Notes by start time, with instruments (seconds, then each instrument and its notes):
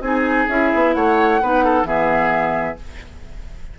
0.00 bassoon C4, clarinet D#4, oboe G#4, flute G#5
0.48 bassoon C#4, clarinet E4, flute E5
0.74 bassoon B3
0.94 bassoon A3, oboe C#5, flute F#5
1.41 bassoon B3, clarinet D#4, oboe B4
1.64 oboe A4
1.83 bassoon E3, clarinet B3, oboe G#4, flute E5